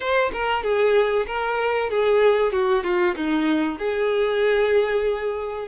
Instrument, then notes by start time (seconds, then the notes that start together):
violin
0.00 C5
0.32 A#4
0.63 G#4
1.27 A#4
1.90 G#4
2.52 F#4
2.83 F4
3.16 D#4
3.78 G#4